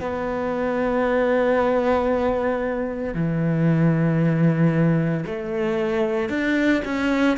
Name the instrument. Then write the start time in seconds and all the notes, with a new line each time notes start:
cello
0.00 B3
3.14 E3
5.26 A3
6.29 D4
6.85 C#4